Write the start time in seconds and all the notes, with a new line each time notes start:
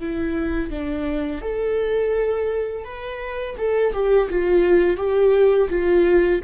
0.00 E4
0.70 D4
1.42 A4
2.84 B4
3.57 A4
3.93 G4
4.30 F4
4.97 G4
5.69 F4